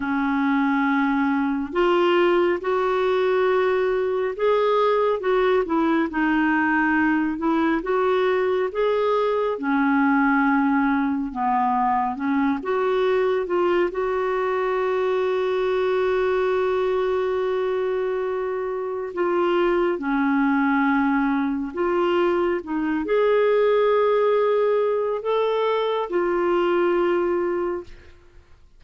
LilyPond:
\new Staff \with { instrumentName = "clarinet" } { \time 4/4 \tempo 4 = 69 cis'2 f'4 fis'4~ | fis'4 gis'4 fis'8 e'8 dis'4~ | dis'8 e'8 fis'4 gis'4 cis'4~ | cis'4 b4 cis'8 fis'4 f'8 |
fis'1~ | fis'2 f'4 cis'4~ | cis'4 f'4 dis'8 gis'4.~ | gis'4 a'4 f'2 | }